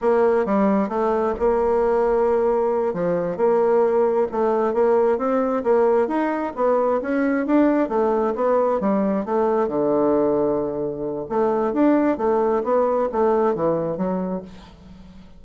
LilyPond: \new Staff \with { instrumentName = "bassoon" } { \time 4/4 \tempo 4 = 133 ais4 g4 a4 ais4~ | ais2~ ais8 f4 ais8~ | ais4. a4 ais4 c'8~ | c'8 ais4 dis'4 b4 cis'8~ |
cis'8 d'4 a4 b4 g8~ | g8 a4 d2~ d8~ | d4 a4 d'4 a4 | b4 a4 e4 fis4 | }